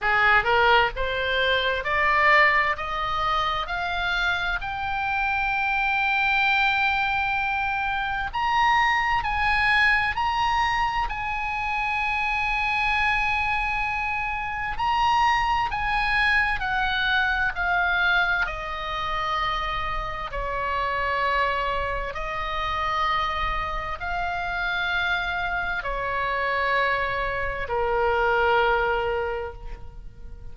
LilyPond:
\new Staff \with { instrumentName = "oboe" } { \time 4/4 \tempo 4 = 65 gis'8 ais'8 c''4 d''4 dis''4 | f''4 g''2.~ | g''4 ais''4 gis''4 ais''4 | gis''1 |
ais''4 gis''4 fis''4 f''4 | dis''2 cis''2 | dis''2 f''2 | cis''2 ais'2 | }